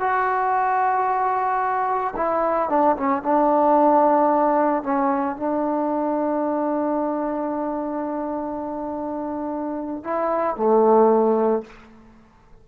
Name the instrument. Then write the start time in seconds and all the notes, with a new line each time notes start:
trombone
0.00 F#4
2.16 E4
2.70 D4
2.97 C#4
3.23 D4
4.83 C#4
5.37 D4
10.04 E4
10.56 A3